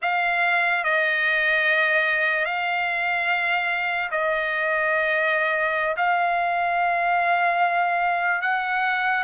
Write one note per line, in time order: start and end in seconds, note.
0.01 0.84 F5
0.84 2.45 D#5
2.45 4.09 F5
4.11 5.96 D#5
5.96 8.41 F5
8.41 9.24 F#5